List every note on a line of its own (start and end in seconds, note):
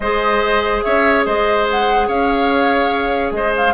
0.00 0.82 G#3
0.00 3.74 G#4
0.00 0.84 C5
0.00 0.82 D#5
0.82 1.26 C#4
0.82 1.26 C#5
0.82 1.24 E5
1.25 2.08 G#3
1.25 2.07 C5
1.25 1.67 D#5
1.70 2.08 F#5
2.07 3.31 C#4
2.07 3.32 C#5
2.07 3.33 F5
3.31 3.73 G#3
3.31 3.74 C5
3.31 3.54 D#5
3.57 3.74 F5